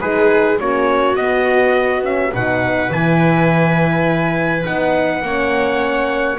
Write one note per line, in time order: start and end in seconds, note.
0.00 0.60 G#3
0.00 0.58 D#4
0.00 0.58 G#4
0.00 0.59 B4
0.60 1.16 A#3
0.60 1.15 C#4
0.60 2.34 F#4
0.60 1.16 C#5
1.15 2.03 B3
1.15 2.32 B3
1.15 2.03 D#5
2.03 2.32 C#4
2.03 2.34 E5
2.33 2.91 B2
2.33 2.91 D#4
2.33 5.25 B4
2.33 2.92 F#5
2.91 4.66 E3
2.91 4.64 E4
2.91 4.66 G#5
4.64 5.22 B3
4.64 5.23 D#4
4.64 6.39 F#5
5.22 6.38 A#3
5.22 6.39 C#4
5.22 6.39 C#5